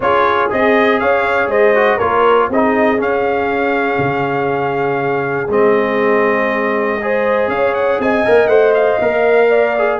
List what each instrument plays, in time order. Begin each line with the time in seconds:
0.00 tuba C#4, trombone F4, horn G#4, trumpet C#5
0.50 tuba C4, trombone G#4, trumpet D#5
0.99 tuba C#4, horn C#5, trumpet F5
1.47 tuba G#3, horn C5, trumpet D#5
1.74 trombone F#4
1.96 tuba A#3, trombone F4, horn A#4, trumpet C#5
2.49 tuba C4, trombone D#4, horn G#4, trumpet D#5
2.97 trombone C#4, tuba C#4, trumpet F5
3.98 tuba C#3
5.48 tuba G#3, trombone C4, trumpet D#5
7.02 trombone G#4, horn C5
7.47 tuba C#4, horn C#5, trumpet F5
7.74 trumpet F#5
7.99 tuba C4, horn D#5, trumpet G#5
8.24 tuba A#3, trombone A#4
8.47 tuba A3, trombone C5, trumpet F#5
8.74 trumpet F5
9.00 tuba A#3, trombone A#4
9.49 horn D5
9.78 trombone G#4